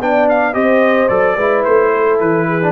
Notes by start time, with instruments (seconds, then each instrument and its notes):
0.00 tuba B3, trombone D4, horn D5, trumpet G5
0.29 trumpet F5
0.53 tuba C4, trombone G4, horn C5, trumpet D#5
1.08 tuba F#3, trombone A4, trumpet D5
1.36 tuba G#3, trombone E4, horn B4
1.64 tuba A3, trumpet C5
1.94 horn A4
2.19 tuba E3, trumpet B4
2.47 horn G#4
2.62 trombone D4